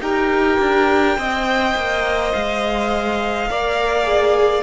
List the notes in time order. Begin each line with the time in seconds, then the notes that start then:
0.00 D#4 G4 A#4 G5
0.59 D4
1.16 C4 C5 D#5
1.75 A#3
2.32 G#3 F5
3.49 A#3 A#4 D5
4.04 G#4